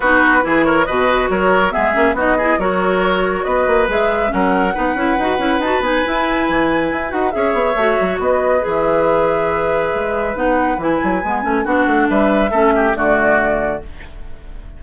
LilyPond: <<
  \new Staff \with { instrumentName = "flute" } { \time 4/4 \tempo 4 = 139 b'4. cis''8 dis''4 cis''4 | e''4 dis''4 cis''2 | dis''4 e''4 fis''2~ | fis''4 a''8 gis''2~ gis''8~ |
gis''8 fis''8 e''2 dis''4 | e''1 | fis''4 gis''2 fis''4 | e''2 d''2 | }
  \new Staff \with { instrumentName = "oboe" } { \time 4/4 fis'4 gis'8 ais'8 b'4 ais'4 | gis'4 fis'8 gis'8 ais'2 | b'2 ais'4 b'4~ | b'1~ |
b'4 cis''2 b'4~ | b'1~ | b'2. fis'4 | b'4 a'8 g'8 fis'2 | }
  \new Staff \with { instrumentName = "clarinet" } { \time 4/4 dis'4 e'4 fis'2 | b8 cis'8 dis'8 e'8 fis'2~ | fis'4 gis'4 cis'4 dis'8 e'8 | fis'8 e'8 fis'8 dis'8 e'2~ |
e'8 fis'8 gis'4 fis'2 | gis'1 | dis'4 e'4 b8 cis'8 d'4~ | d'4 cis'4 a2 | }
  \new Staff \with { instrumentName = "bassoon" } { \time 4/4 b4 e4 b,4 fis4 | gis8 ais8 b4 fis2 | b8 ais8 gis4 fis4 b8 cis'8 | dis'8 cis'8 dis'8 b8 e'4 e4 |
e'8 dis'8 cis'8 b8 a8 fis8 b4 | e2. gis4 | b4 e8 fis8 gis8 a8 b8 a8 | g4 a4 d2 | }
>>